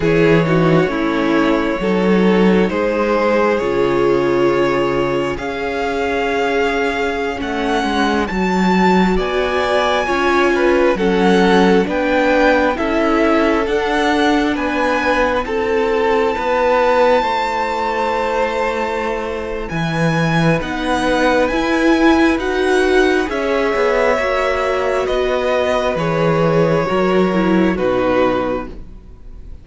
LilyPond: <<
  \new Staff \with { instrumentName = "violin" } { \time 4/4 \tempo 4 = 67 cis''2. c''4 | cis''2 f''2~ | f''16 fis''4 a''4 gis''4.~ gis''16~ | gis''16 fis''4 g''4 e''4 fis''8.~ |
fis''16 gis''4 a''2~ a''8.~ | a''2 gis''4 fis''4 | gis''4 fis''4 e''2 | dis''4 cis''2 b'4 | }
  \new Staff \with { instrumentName = "violin" } { \time 4/4 gis'8 fis'8 e'4 a'4 gis'4~ | gis'2 cis''2~ | cis''2~ cis''16 d''4 cis''8 b'16~ | b'16 a'4 b'4 a'4.~ a'16~ |
a'16 b'4 a'4 b'4 c''8.~ | c''2 b'2~ | b'2 cis''2 | b'2 ais'4 fis'4 | }
  \new Staff \with { instrumentName = "viola" } { \time 4/4 e'8 dis'8 cis'4 dis'2 | f'2 gis'2~ | gis'16 cis'4 fis'2 f'8.~ | f'16 cis'4 d'4 e'4 d'8.~ |
d'4~ d'16 e'2~ e'8.~ | e'2. dis'4 | e'4 fis'4 gis'4 fis'4~ | fis'4 gis'4 fis'8 e'8 dis'4 | }
  \new Staff \with { instrumentName = "cello" } { \time 4/4 e4 a4 fis4 gis4 | cis2 cis'2~ | cis'16 a8 gis8 fis4 b4 cis'8.~ | cis'16 fis4 b4 cis'4 d'8.~ |
d'16 b4 c'4 b4 a8.~ | a2 e4 b4 | e'4 dis'4 cis'8 b8 ais4 | b4 e4 fis4 b,4 | }
>>